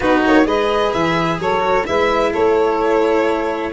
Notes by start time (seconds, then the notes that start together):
0.00 B3 D#4 F#4 B4
0.25 A#3 C#5
0.44 G#3 G#4 B4 D#5
0.92 E3 E5
1.38 F#3 A4 C#5
1.60 F#4
1.85 G#3 E4 B4 E5
2.31 A3 A4 C#5